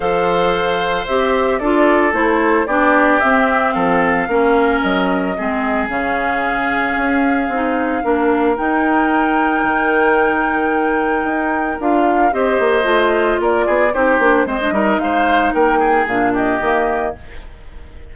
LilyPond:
<<
  \new Staff \with { instrumentName = "flute" } { \time 4/4 \tempo 4 = 112 f''2 e''4 d''4 | c''4 d''4 e''4 f''4~ | f''4 dis''2 f''4~ | f''1 |
g''1~ | g''2 f''4 dis''4~ | dis''4 d''4 c''4 dis''4 | f''4 g''4 f''8 dis''4. | }
  \new Staff \with { instrumentName = "oboe" } { \time 4/4 c''2. a'4~ | a'4 g'2 a'4 | ais'2 gis'2~ | gis'2. ais'4~ |
ais'1~ | ais'2. c''4~ | c''4 ais'8 gis'8 g'4 c''8 ais'8 | c''4 ais'8 gis'4 g'4. | }
  \new Staff \with { instrumentName = "clarinet" } { \time 4/4 a'2 g'4 f'4 | e'4 d'4 c'2 | cis'2 c'4 cis'4~ | cis'2 dis'4 d'4 |
dis'1~ | dis'2 f'4 g'4 | f'2 dis'8 d'8 c'16 d'16 dis'8~ | dis'2 d'4 ais4 | }
  \new Staff \with { instrumentName = "bassoon" } { \time 4/4 f2 c'4 d'4 | a4 b4 c'4 f4 | ais4 fis4 gis4 cis4~ | cis4 cis'4 c'4 ais4 |
dis'2 dis2~ | dis4 dis'4 d'4 c'8 ais8 | a4 ais8 b8 c'8 ais8 gis8 g8 | gis4 ais4 ais,4 dis4 | }
>>